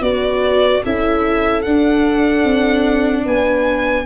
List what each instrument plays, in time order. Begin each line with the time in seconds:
0.00 tuba B3, viola F#4, horn B4, violin D5
0.83 tuba C#4, viola E4, horn A4, violin E5
1.62 viola D4, tuba D4, violin F#5
2.44 tuba C4
3.24 tuba B3, horn B4, violin G#5